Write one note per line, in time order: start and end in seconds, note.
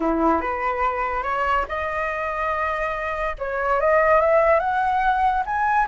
0.00 0.40 E4
0.40 1.23 B4
1.23 1.65 C#5
1.68 3.36 D#5
3.38 3.80 C#5
3.80 4.21 D#5
4.21 4.59 E5
4.59 5.43 F#5
5.45 5.87 G#5